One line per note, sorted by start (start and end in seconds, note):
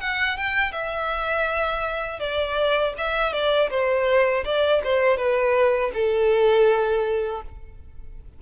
0.00 0.37 F#5
0.37 0.72 G5
0.72 2.19 E5
2.19 2.93 D5
2.97 3.32 E5
3.32 3.69 D5
3.70 4.44 C5
4.44 4.81 D5
4.84 5.17 C5
5.17 5.91 B4
5.94 7.42 A4